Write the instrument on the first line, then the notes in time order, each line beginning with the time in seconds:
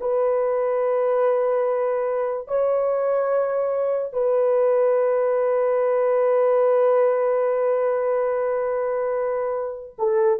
horn
0.00 B4
2.47 C#5
4.12 B4
9.98 A4